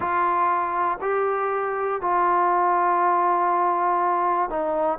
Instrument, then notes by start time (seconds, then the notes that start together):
trombone
0.00 F4
1.00 G4
2.01 F4
4.50 D#4